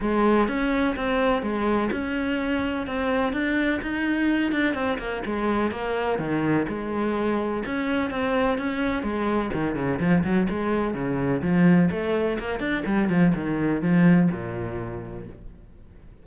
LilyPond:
\new Staff \with { instrumentName = "cello" } { \time 4/4 \tempo 4 = 126 gis4 cis'4 c'4 gis4 | cis'2 c'4 d'4 | dis'4. d'8 c'8 ais8 gis4 | ais4 dis4 gis2 |
cis'4 c'4 cis'4 gis4 | dis8 cis8 f8 fis8 gis4 cis4 | f4 a4 ais8 d'8 g8 f8 | dis4 f4 ais,2 | }